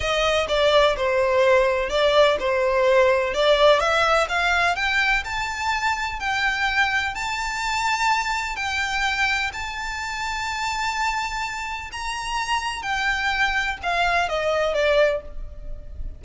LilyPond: \new Staff \with { instrumentName = "violin" } { \time 4/4 \tempo 4 = 126 dis''4 d''4 c''2 | d''4 c''2 d''4 | e''4 f''4 g''4 a''4~ | a''4 g''2 a''4~ |
a''2 g''2 | a''1~ | a''4 ais''2 g''4~ | g''4 f''4 dis''4 d''4 | }